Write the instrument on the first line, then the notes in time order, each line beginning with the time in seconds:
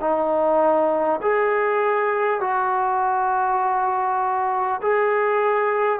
trombone
0.00 D#4
1.21 G#4
2.41 F#4
4.81 G#4